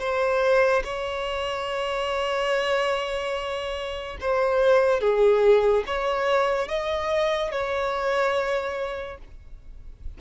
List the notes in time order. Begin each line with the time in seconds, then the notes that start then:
0.00 C5
0.84 C#5
4.21 C5
5.01 G#4
5.87 C#5
6.68 D#5
7.52 C#5